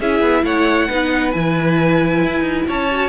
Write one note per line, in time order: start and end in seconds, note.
0.00 0.21 C#4
0.00 0.90 E4
0.00 0.45 G#4
0.00 0.45 E5
0.21 0.43 B3
0.43 0.88 A3
0.43 0.88 C#5
0.43 1.32 F#5
0.88 1.35 B3
0.88 1.34 D#4
0.88 2.67 B4
1.32 2.24 E3
1.32 2.90 E4
1.32 2.66 G#5
2.24 2.41 E4
2.41 2.63 D#4
2.68 3.09 C#4
2.68 3.09 C#5
2.68 3.09 A5
2.92 3.09 F#4